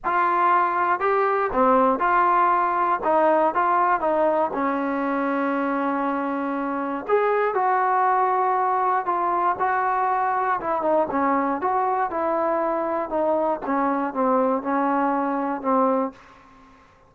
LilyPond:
\new Staff \with { instrumentName = "trombone" } { \time 4/4 \tempo 4 = 119 f'2 g'4 c'4 | f'2 dis'4 f'4 | dis'4 cis'2.~ | cis'2 gis'4 fis'4~ |
fis'2 f'4 fis'4~ | fis'4 e'8 dis'8 cis'4 fis'4 | e'2 dis'4 cis'4 | c'4 cis'2 c'4 | }